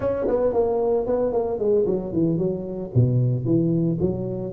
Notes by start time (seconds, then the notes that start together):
0.00 C#4
0.27 B3
0.53 A#3
1.06 B3
1.32 A#3
1.58 G#3
1.86 F#3
2.12 E3
2.37 F#3
2.95 B2
3.45 E3
4.00 F#3